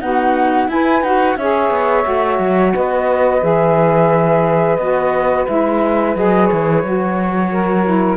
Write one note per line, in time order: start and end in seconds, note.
0.00 0.69 B3
0.00 0.68 D#4
0.00 0.69 F#4
0.00 0.68 F#5
0.68 1.01 E4
0.68 1.03 E4
0.68 1.36 B4
0.68 1.03 G#5
1.01 1.36 D#4
1.01 1.37 F#4
1.01 1.36 F#5
1.36 1.70 C#4
1.36 2.04 G#4
1.36 2.73 C#5
1.36 2.73 E5
1.70 2.04 B3
2.04 2.39 A3
2.04 3.40 F#4
2.39 2.73 F#3
2.73 3.42 B3
2.73 7.50 B4
2.73 3.43 D#5
3.41 4.77 E3
3.41 4.78 G#4
3.41 4.76 E5
4.76 5.45 B3
4.76 5.47 F#4
4.76 5.44 D#5
5.47 6.15 G#3
5.47 6.15 E4
5.47 6.16 E5
6.15 6.49 F#3
6.15 6.84 G#4
6.15 6.46 D#5
6.46 6.83 E3
6.46 8.16 C#5
6.83 8.17 F#3
6.83 7.85 F#4
7.51 8.17 A#4
7.85 8.17 E4